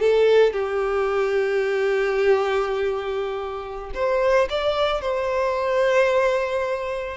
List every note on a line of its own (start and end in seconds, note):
0.00 0.53 A4
0.53 3.91 G4
3.95 4.49 C5
4.50 5.02 D5
5.02 7.17 C5